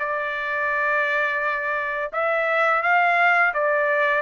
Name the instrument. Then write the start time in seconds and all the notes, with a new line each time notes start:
trumpet
0.00 D5
2.13 E5
2.83 F5
3.54 D5